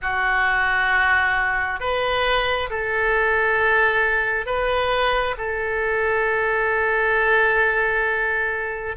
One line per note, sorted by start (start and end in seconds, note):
0.02 1.80 F#4
1.80 2.69 B4
2.69 4.46 A4
4.46 5.35 B4
5.37 8.96 A4